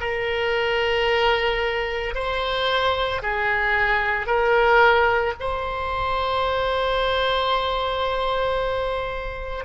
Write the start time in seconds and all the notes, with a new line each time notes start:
0.00 A#4
2.15 C5
3.22 G#4
4.27 A#4
5.40 C5